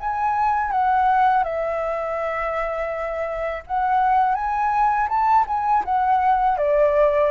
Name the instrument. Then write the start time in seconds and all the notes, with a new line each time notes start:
flute
0.00 G#5
0.71 F#5
1.43 E5
3.67 F#5
4.35 G#5
5.09 A5
5.47 G#5
5.84 F#5
6.58 D5